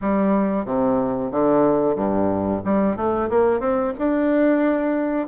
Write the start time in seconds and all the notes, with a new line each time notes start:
0.01 G3
0.65 C3
1.31 D3
1.95 G2
2.64 G3
2.96 A3
3.29 A#3
3.60 C4
3.98 D4